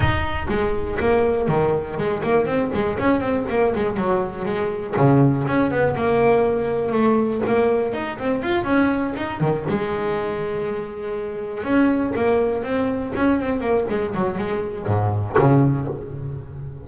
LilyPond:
\new Staff \with { instrumentName = "double bass" } { \time 4/4 \tempo 4 = 121 dis'4 gis4 ais4 dis4 | gis8 ais8 c'8 gis8 cis'8 c'8 ais8 gis8 | fis4 gis4 cis4 cis'8 b8 | ais2 a4 ais4 |
dis'8 c'8 f'8 cis'4 dis'8 dis8 gis8~ | gis2.~ gis8 cis'8~ | cis'8 ais4 c'4 cis'8 c'8 ais8 | gis8 fis8 gis4 gis,4 cis4 | }